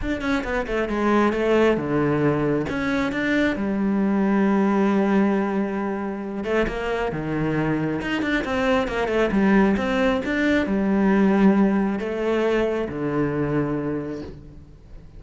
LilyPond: \new Staff \with { instrumentName = "cello" } { \time 4/4 \tempo 4 = 135 d'8 cis'8 b8 a8 gis4 a4 | d2 cis'4 d'4 | g1~ | g2~ g8 a8 ais4 |
dis2 dis'8 d'8 c'4 | ais8 a8 g4 c'4 d'4 | g2. a4~ | a4 d2. | }